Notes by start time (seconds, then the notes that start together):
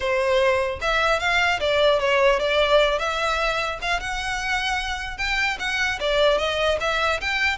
0.00 C5
0.81 E5
1.19 F5
1.59 D5
1.99 C#5
2.39 D5
2.99 E5
3.81 F5
4.00 F#5
5.17 G5
5.59 F#5
5.99 D5
6.38 D#5
6.80 E5
7.20 G5